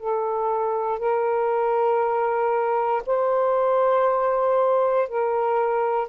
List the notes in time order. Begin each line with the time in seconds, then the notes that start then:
0.00 A4
0.99 A#4
3.06 C5
5.09 A#4